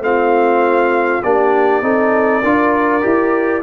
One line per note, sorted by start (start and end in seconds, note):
0.00 1.20 A3
0.00 1.22 C4
0.00 1.25 F4
0.00 1.23 F5
1.23 1.82 A#3
1.23 1.82 D4
1.23 1.82 G4
1.23 3.62 D5
1.82 2.42 C4
1.82 2.43 D#4
1.82 2.42 A4
2.43 3.03 D4
2.43 3.01 F4
2.43 3.62 A#4
3.01 3.62 E4
3.01 3.61 G4